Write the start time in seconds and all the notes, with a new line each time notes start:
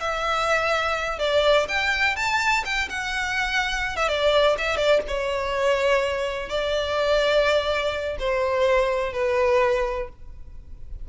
0.00 E5
1.19 D5
1.68 G5
2.16 A5
2.65 G5
2.89 F#5
3.96 E5
4.08 D5
4.58 E5
4.77 D5
5.08 C#5
6.49 D5
8.19 C5
9.13 B4